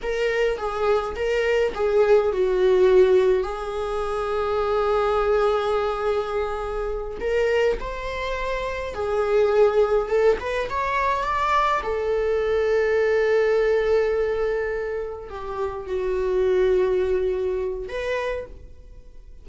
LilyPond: \new Staff \with { instrumentName = "viola" } { \time 4/4 \tempo 4 = 104 ais'4 gis'4 ais'4 gis'4 | fis'2 gis'2~ | gis'1~ | gis'8 ais'4 c''2 gis'8~ |
gis'4. a'8 b'8 cis''4 d''8~ | d''8 a'2.~ a'8~ | a'2~ a'8 g'4 fis'8~ | fis'2. b'4 | }